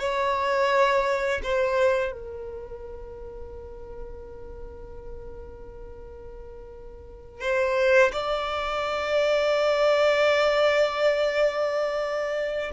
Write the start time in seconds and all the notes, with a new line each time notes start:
0.00 C#5
1.44 C5
2.12 A#4
7.41 C5
8.13 D5